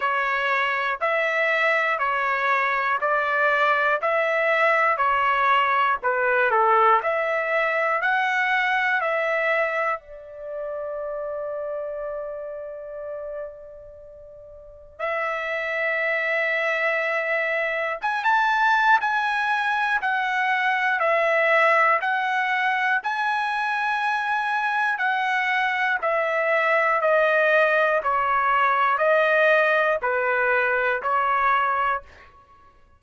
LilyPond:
\new Staff \with { instrumentName = "trumpet" } { \time 4/4 \tempo 4 = 60 cis''4 e''4 cis''4 d''4 | e''4 cis''4 b'8 a'8 e''4 | fis''4 e''4 d''2~ | d''2. e''4~ |
e''2 gis''16 a''8. gis''4 | fis''4 e''4 fis''4 gis''4~ | gis''4 fis''4 e''4 dis''4 | cis''4 dis''4 b'4 cis''4 | }